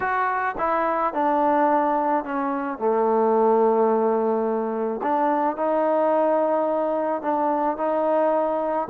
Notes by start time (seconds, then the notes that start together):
0.00 F#4
0.58 E4
1.13 D4
2.24 C#4
2.78 A3
5.02 D4
5.56 D#4
7.21 D4
7.77 D#4